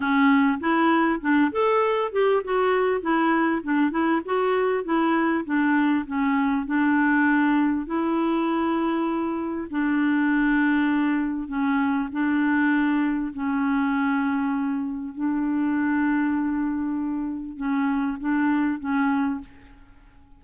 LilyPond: \new Staff \with { instrumentName = "clarinet" } { \time 4/4 \tempo 4 = 99 cis'4 e'4 d'8 a'4 g'8 | fis'4 e'4 d'8 e'8 fis'4 | e'4 d'4 cis'4 d'4~ | d'4 e'2. |
d'2. cis'4 | d'2 cis'2~ | cis'4 d'2.~ | d'4 cis'4 d'4 cis'4 | }